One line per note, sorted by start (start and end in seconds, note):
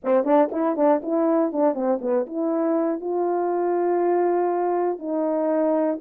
0.04 0.24 C4
0.24 0.49 D4
0.51 0.76 E4
0.76 1.01 D4
1.02 1.52 E4
1.52 1.74 D4
1.74 1.99 C4
2.01 2.26 B3
2.26 3.00 E4
3.00 4.98 F4
4.98 5.98 D#4